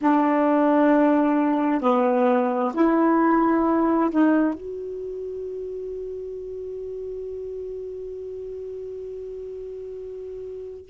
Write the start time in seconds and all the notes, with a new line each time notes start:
0.01 D4
1.81 B3
2.74 E4
4.10 D#4
4.54 F#4